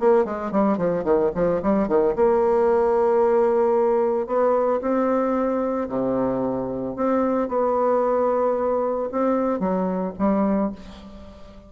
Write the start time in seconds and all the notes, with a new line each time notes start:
0.00 A#3
0.25 G#3
0.52 G3
0.78 F3
1.04 D#3
1.35 F3
1.63 G3
1.88 D#3
2.16 A#3
4.27 B3
4.82 C4
5.89 C3
6.97 C4
7.49 B3
9.12 C4
9.60 F#3
10.19 G3